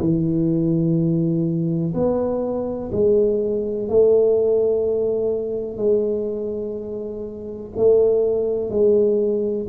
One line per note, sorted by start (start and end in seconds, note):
0.00 1.94 E3
1.94 2.91 B3
2.92 3.89 G#3
3.89 5.78 A3
5.78 7.71 G#3
7.76 8.70 A3
8.70 9.67 G#3